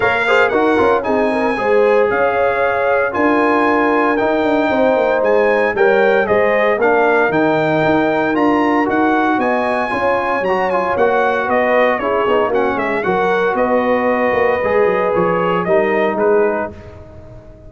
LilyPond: <<
  \new Staff \with { instrumentName = "trumpet" } { \time 4/4 \tempo 4 = 115 f''4 fis''4 gis''2 | f''2 gis''2 | g''2 gis''4 g''4 | dis''4 f''4 g''2 |
ais''4 fis''4 gis''2 | ais''8 gis''8 fis''4 dis''4 cis''4 | fis''8 e''8 fis''4 dis''2~ | dis''4 cis''4 dis''4 b'4 | }
  \new Staff \with { instrumentName = "horn" } { \time 4/4 cis''8 c''8 ais'4 gis'8 ais'8 c''4 | cis''2 ais'2~ | ais'4 c''2 cis''4 | c''4 ais'2.~ |
ais'2 dis''4 cis''4~ | cis''2 b'4 gis'4 | fis'8 gis'8 ais'4 b'2~ | b'2 ais'4 gis'4 | }
  \new Staff \with { instrumentName = "trombone" } { \time 4/4 ais'8 gis'8 fis'8 f'8 dis'4 gis'4~ | gis'2 f'2 | dis'2. ais'4 | gis'4 d'4 dis'2 |
f'4 fis'2 f'4 | fis'8 f'8 fis'2 e'8 dis'8 | cis'4 fis'2. | gis'2 dis'2 | }
  \new Staff \with { instrumentName = "tuba" } { \time 4/4 ais4 dis'8 cis'8 c'4 gis4 | cis'2 d'2 | dis'8 d'8 c'8 ais8 gis4 g4 | gis4 ais4 dis4 dis'4 |
d'4 dis'4 b4 cis'4 | fis4 ais4 b4 cis'8 b8 | ais8 gis8 fis4 b4. ais8 | gis8 fis8 f4 g4 gis4 | }
>>